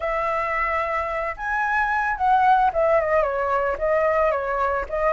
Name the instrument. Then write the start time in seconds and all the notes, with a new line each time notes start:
flute
0.00 E5
1.37 G#5
2.16 F#5
2.73 E5
3.00 D#5
3.22 C#5
3.78 D#5
4.31 C#5
4.89 D#5